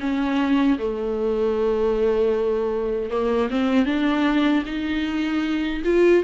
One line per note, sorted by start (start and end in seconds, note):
0.00 0.78 C#4
0.78 3.10 A3
3.10 3.49 A#3
3.50 3.85 C4
3.85 4.63 D4
4.65 5.82 D#4
5.84 6.23 F4